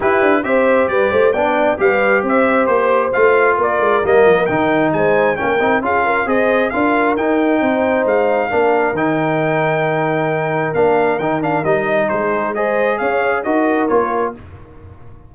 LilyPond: <<
  \new Staff \with { instrumentName = "trumpet" } { \time 4/4 \tempo 4 = 134 b'4 e''4 d''4 g''4 | f''4 e''4 c''4 f''4 | d''4 dis''4 g''4 gis''4 | g''4 f''4 dis''4 f''4 |
g''2 f''2 | g''1 | f''4 g''8 f''8 dis''4 c''4 | dis''4 f''4 dis''4 cis''4 | }
  \new Staff \with { instrumentName = "horn" } { \time 4/4 g'4 c''4 b'8 c''8 d''4 | b'4 c''2. | ais'2. c''4 | ais'4 gis'8 ais'8 c''4 ais'4~ |
ais'4 c''2 ais'4~ | ais'1~ | ais'2. gis'4 | c''4 cis''4 ais'2 | }
  \new Staff \with { instrumentName = "trombone" } { \time 4/4 e'4 g'2 d'4 | g'2. f'4~ | f'4 ais4 dis'2 | cis'8 dis'8 f'4 gis'4 f'4 |
dis'2. d'4 | dis'1 | d'4 dis'8 d'8 dis'2 | gis'2 fis'4 f'4 | }
  \new Staff \with { instrumentName = "tuba" } { \time 4/4 e'8 d'8 c'4 g8 a8 b4 | g4 c'4 ais4 a4 | ais8 gis8 g8 f8 dis4 gis4 | ais8 c'8 cis'4 c'4 d'4 |
dis'4 c'4 gis4 ais4 | dis1 | ais4 dis4 g4 gis4~ | gis4 cis'4 dis'4 ais4 | }
>>